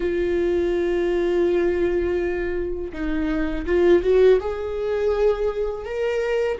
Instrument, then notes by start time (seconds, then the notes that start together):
viola
0.00 F4
2.92 D#4
3.66 F4
4.02 F#4
4.40 G#4
5.85 A#4